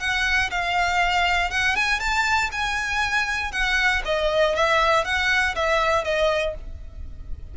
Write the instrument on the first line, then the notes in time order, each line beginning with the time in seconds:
violin
0.00 F#5
0.51 F5
1.51 F#5
1.76 G#5
2.00 A5
2.52 G#5
3.52 F#5
4.06 D#5
4.56 E5
5.05 F#5
5.56 E5
6.05 D#5